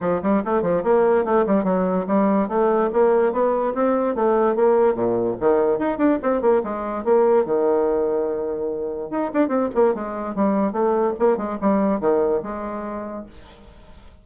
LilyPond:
\new Staff \with { instrumentName = "bassoon" } { \time 4/4 \tempo 4 = 145 f8 g8 a8 f8 ais4 a8 g8 | fis4 g4 a4 ais4 | b4 c'4 a4 ais4 | ais,4 dis4 dis'8 d'8 c'8 ais8 |
gis4 ais4 dis2~ | dis2 dis'8 d'8 c'8 ais8 | gis4 g4 a4 ais8 gis8 | g4 dis4 gis2 | }